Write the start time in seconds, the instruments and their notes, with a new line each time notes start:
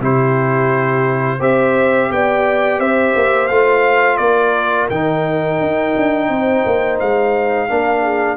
0.00 tuba C3, trombone E4, horn G4, trumpet C5
1.40 tuba C4, trombone G4, horn C5, trumpet E5
2.11 tuba B3, horn D5, trumpet G5
2.79 tuba C4, horn C5, trumpet E5
3.15 tuba A#3
3.47 tuba A3, trombone F4, trumpet F5
4.17 tuba A#3, horn A#4, trumpet D5
4.89 tuba D#3, trombone D#4, trumpet G5
5.60 tuba D#4
5.96 tuba D4
6.29 tuba C4, horn C5
6.66 tuba A#3
7.00 tuba G#3, trumpet F5
7.69 tuba A#3, trombone D4, horn A#4
8.02 horn G#4